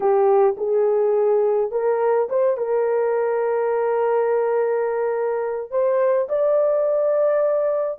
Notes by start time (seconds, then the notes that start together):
0.00 G4
0.57 G#4
1.71 A#4
2.29 C5
2.57 A#4
5.71 C5
6.28 D5